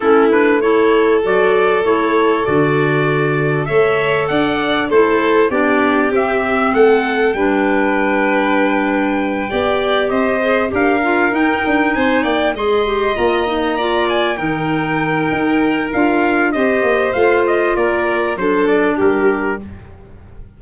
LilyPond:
<<
  \new Staff \with { instrumentName = "trumpet" } { \time 4/4 \tempo 4 = 98 a'8 b'8 cis''4 d''4 cis''4 | d''2 e''4 fis''4 | c''4 d''4 e''4 fis''4 | g''1~ |
g''8 dis''4 f''4 g''4 gis''8 | g''8 c'''4 ais''4. gis''8 g''8~ | g''2 f''4 dis''4 | f''8 dis''8 d''4 c''8 d''8 ais'4 | }
  \new Staff \with { instrumentName = "violin" } { \time 4/4 e'4 a'2.~ | a'2 cis''4 d''4 | a'4 g'2 a'4 | b'2.~ b'8 d''8~ |
d''8 c''4 ais'2 c''8 | d''8 dis''2 d''4 ais'8~ | ais'2. c''4~ | c''4 ais'4 a'4 g'4 | }
  \new Staff \with { instrumentName = "clarinet" } { \time 4/4 cis'8 d'8 e'4 fis'4 e'4 | fis'2 a'2 | e'4 d'4 c'2 | d'2.~ d'8 g'8~ |
g'4 gis'8 g'8 f'8 dis'4.~ | dis'8 gis'8 g'8 f'8 dis'8 f'4 dis'8~ | dis'2 f'4 g'4 | f'2 d'2 | }
  \new Staff \with { instrumentName = "tuba" } { \time 4/4 a2 fis4 a4 | d2 a4 d'4 | a4 b4 c'4 a4 | g2.~ g8 b8~ |
b8 c'4 d'4 dis'8 d'8 c'8 | ais8 gis4 ais2 dis8~ | dis4 dis'4 d'4 c'8 ais8 | a4 ais4 fis4 g4 | }
>>